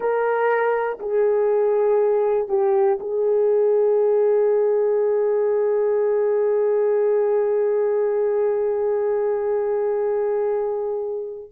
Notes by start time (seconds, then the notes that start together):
0.00 A#4
1.00 G#4
2.48 G4
3.00 G#4